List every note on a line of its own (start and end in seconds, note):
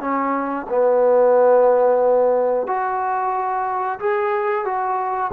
0.00 0.66 C#4
0.69 2.67 B3
2.67 3.99 F#4
4.00 4.65 G#4
4.65 5.31 F#4